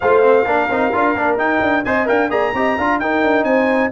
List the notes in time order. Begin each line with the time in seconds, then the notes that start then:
0.00 A3 F4 C5 F5
0.22 C4
0.45 A#3 D4 A#4
0.69 C4 D#4
0.92 D4 F4
1.15 A#3 D4
1.36 D#4 G5
1.61 D4
1.84 C4 C5 D#5 G#5
2.05 D4 A#4 F5 G5
2.29 A#3 G#4 D5 A#5
2.53 C4 G4 D#5
2.77 D4 F4 F5
2.99 D#4 A#4 G5
3.22 D4
3.43 C4 C5 G#5